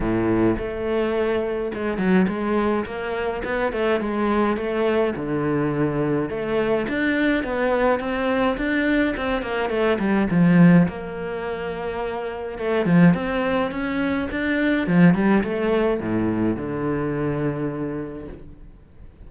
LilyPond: \new Staff \with { instrumentName = "cello" } { \time 4/4 \tempo 4 = 105 a,4 a2 gis8 fis8 | gis4 ais4 b8 a8 gis4 | a4 d2 a4 | d'4 b4 c'4 d'4 |
c'8 ais8 a8 g8 f4 ais4~ | ais2 a8 f8 c'4 | cis'4 d'4 f8 g8 a4 | a,4 d2. | }